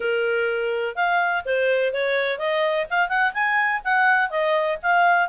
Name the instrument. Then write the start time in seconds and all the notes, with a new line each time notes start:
clarinet
0.00 A#4
0.95 F5
1.45 C5
1.93 C#5
2.38 D#5
2.90 F5
3.08 F#5
3.33 G#5
3.84 F#5
4.30 D#5
4.82 F5